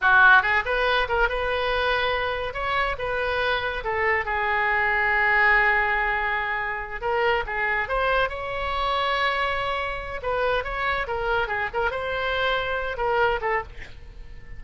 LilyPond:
\new Staff \with { instrumentName = "oboe" } { \time 4/4 \tempo 4 = 141 fis'4 gis'8 b'4 ais'8 b'4~ | b'2 cis''4 b'4~ | b'4 a'4 gis'2~ | gis'1~ |
gis'8 ais'4 gis'4 c''4 cis''8~ | cis''1 | b'4 cis''4 ais'4 gis'8 ais'8 | c''2~ c''8 ais'4 a'8 | }